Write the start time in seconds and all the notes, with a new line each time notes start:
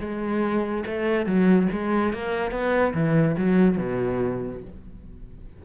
0.00 G#3
0.86 A3
1.26 F#3
1.72 G#3
2.13 A#3
2.51 B3
2.94 E3
3.37 F#3
3.78 B2